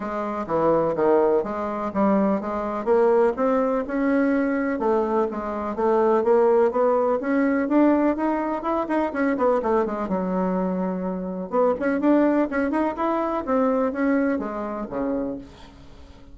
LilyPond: \new Staff \with { instrumentName = "bassoon" } { \time 4/4 \tempo 4 = 125 gis4 e4 dis4 gis4 | g4 gis4 ais4 c'4 | cis'2 a4 gis4 | a4 ais4 b4 cis'4 |
d'4 dis'4 e'8 dis'8 cis'8 b8 | a8 gis8 fis2. | b8 cis'8 d'4 cis'8 dis'8 e'4 | c'4 cis'4 gis4 cis4 | }